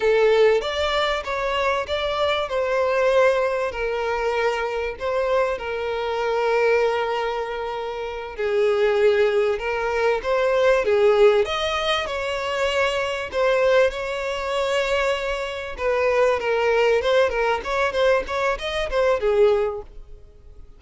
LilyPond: \new Staff \with { instrumentName = "violin" } { \time 4/4 \tempo 4 = 97 a'4 d''4 cis''4 d''4 | c''2 ais'2 | c''4 ais'2.~ | ais'4. gis'2 ais'8~ |
ais'8 c''4 gis'4 dis''4 cis''8~ | cis''4. c''4 cis''4.~ | cis''4. b'4 ais'4 c''8 | ais'8 cis''8 c''8 cis''8 dis''8 c''8 gis'4 | }